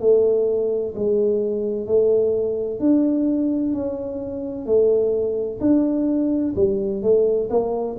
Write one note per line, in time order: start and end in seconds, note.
0.00 0.94 A3
0.95 1.86 G#3
1.86 2.80 A3
2.80 3.73 D4
3.73 4.66 C#4
4.66 5.60 A3
5.60 6.54 D4
6.55 7.02 G3
7.02 7.49 A3
7.50 7.96 A#3